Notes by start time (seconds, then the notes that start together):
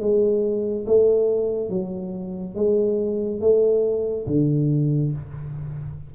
0.00 G#3
0.86 A3
1.69 F#3
2.55 G#3
3.41 A3
4.27 D3